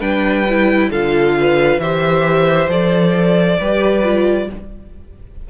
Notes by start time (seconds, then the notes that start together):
0.00 G3 D4 B4 G5
0.50 E4
0.90 D3 F4 A4 F5
1.40 B4
1.78 E3 G4 C5 E5
2.69 F3 A4 D5
3.60 G3 G4 B4
4.04 F4